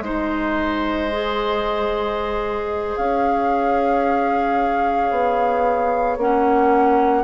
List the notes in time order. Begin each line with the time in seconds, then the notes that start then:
0.00 G#3 D#4 C5 D#5
1.12 G#4
2.96 C#4 C#5 F5
5.10 B3
6.17 A#3 C#4 F#5